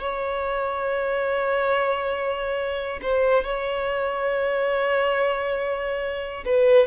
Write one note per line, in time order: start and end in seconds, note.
0.00 3.00 C#5
3.02 3.44 C5
3.44 6.44 C#5
6.45 6.86 B4